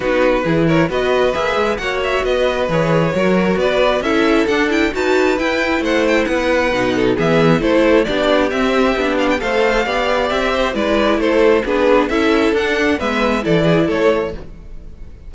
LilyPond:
<<
  \new Staff \with { instrumentName = "violin" } { \time 4/4 \tempo 4 = 134 b'4. cis''8 dis''4 e''4 | fis''8 e''8 dis''4 cis''2 | d''4 e''4 fis''8 g''8 a''4 | g''4 fis''8 g''8 fis''2 |
e''4 c''4 d''4 e''4~ | e''8 f''16 g''16 f''2 e''4 | d''4 c''4 b'4 e''4 | fis''4 e''4 d''4 cis''4 | }
  \new Staff \with { instrumentName = "violin" } { \time 4/4 fis'4 gis'8 ais'8 b'2 | cis''4 b'2 ais'4 | b'4 a'2 b'4~ | b'4 c''4 b'4. a'8 |
gis'4 a'4 g'2~ | g'4 c''4 d''4. c''8 | b'4 a'4 gis'4 a'4~ | a'4 b'4 a'8 gis'8 a'4 | }
  \new Staff \with { instrumentName = "viola" } { \time 4/4 dis'4 e'4 fis'4 gis'4 | fis'2 gis'4 fis'4~ | fis'4 e'4 d'8 e'8 fis'4 | e'2. dis'4 |
b4 e'4 d'4 c'4 | d'4 a'4 g'2 | e'2 d'4 e'4 | d'4 b4 e'2 | }
  \new Staff \with { instrumentName = "cello" } { \time 4/4 b4 e4 b4 ais8 gis8 | ais4 b4 e4 fis4 | b4 cis'4 d'4 dis'4 | e'4 a4 b4 b,4 |
e4 a4 b4 c'4 | b4 a4 b4 c'4 | gis4 a4 b4 cis'4 | d'4 gis4 e4 a4 | }
>>